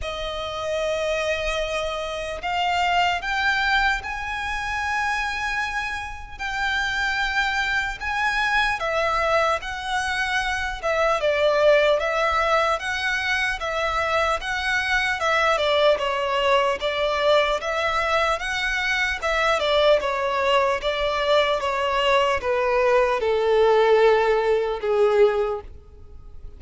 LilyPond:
\new Staff \with { instrumentName = "violin" } { \time 4/4 \tempo 4 = 75 dis''2. f''4 | g''4 gis''2. | g''2 gis''4 e''4 | fis''4. e''8 d''4 e''4 |
fis''4 e''4 fis''4 e''8 d''8 | cis''4 d''4 e''4 fis''4 | e''8 d''8 cis''4 d''4 cis''4 | b'4 a'2 gis'4 | }